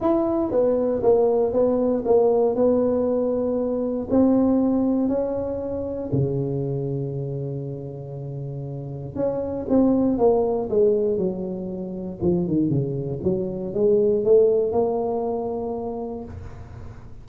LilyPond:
\new Staff \with { instrumentName = "tuba" } { \time 4/4 \tempo 4 = 118 e'4 b4 ais4 b4 | ais4 b2. | c'2 cis'2 | cis1~ |
cis2 cis'4 c'4 | ais4 gis4 fis2 | f8 dis8 cis4 fis4 gis4 | a4 ais2. | }